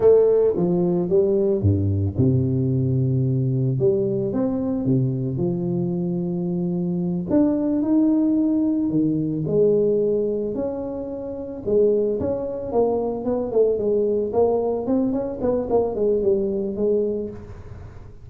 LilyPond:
\new Staff \with { instrumentName = "tuba" } { \time 4/4 \tempo 4 = 111 a4 f4 g4 g,4 | c2. g4 | c'4 c4 f2~ | f4. d'4 dis'4.~ |
dis'8 dis4 gis2 cis'8~ | cis'4. gis4 cis'4 ais8~ | ais8 b8 a8 gis4 ais4 c'8 | cis'8 b8 ais8 gis8 g4 gis4 | }